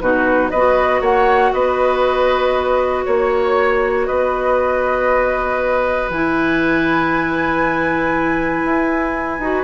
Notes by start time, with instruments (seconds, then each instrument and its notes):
0.00 bassoon B2, clarinet D#4, oboe F#4, flute B4
0.50 bassoon B3, clarinet F#4, oboe B4, flute D#5
1.00 bassoon A#3, oboe C#5, flute F#5
1.53 bassoon B3, oboe B4, flute D#5
3.05 bassoon A#3, oboe C#5, flute C#5
4.06 bassoon B3, oboe B4, flute D#5
6.09 bassoon E3, clarinet E4, flute G#5
8.64 bassoon E4
9.39 bassoon D#4, clarinet F#4